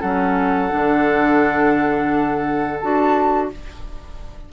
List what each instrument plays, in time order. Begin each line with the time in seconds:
0.00 bassoon F#3, clarinet C#4, oboe A4, flute F#5
0.69 bassoon D3, clarinet D4
2.80 bassoon D4, clarinet F#4, flute A5